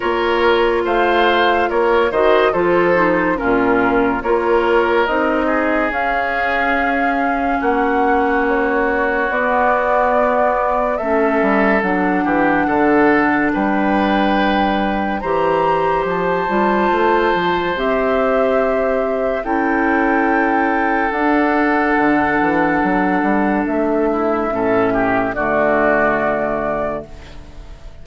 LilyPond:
<<
  \new Staff \with { instrumentName = "flute" } { \time 4/4 \tempo 4 = 71 cis''4 f''4 cis''8 dis''8 c''4 | ais'4 cis''4 dis''4 f''4~ | f''4 fis''4 cis''4 d''4~ | d''4 e''4 fis''2 |
g''2 ais''4 a''4~ | a''4 e''2 g''4~ | g''4 fis''2. | e''2 d''2 | }
  \new Staff \with { instrumentName = "oboe" } { \time 4/4 ais'4 c''4 ais'8 c''8 a'4 | f'4 ais'4. gis'4.~ | gis'4 fis'2.~ | fis'4 a'4. g'8 a'4 |
b'2 c''2~ | c''2. a'4~ | a'1~ | a'8 e'8 a'8 g'8 fis'2 | }
  \new Staff \with { instrumentName = "clarinet" } { \time 4/4 f'2~ f'8 fis'8 f'8 dis'8 | cis'4 f'4 dis'4 cis'4~ | cis'2. b4~ | b4 cis'4 d'2~ |
d'2 g'4. f'8~ | f'4 g'2 e'4~ | e'4 d'2.~ | d'4 cis'4 a2 | }
  \new Staff \with { instrumentName = "bassoon" } { \time 4/4 ais4 a4 ais8 dis8 f4 | ais,4 ais4 c'4 cis'4~ | cis'4 ais2 b4~ | b4 a8 g8 fis8 e8 d4 |
g2 e4 f8 g8 | a8 f8 c'2 cis'4~ | cis'4 d'4 d8 e8 fis8 g8 | a4 a,4 d2 | }
>>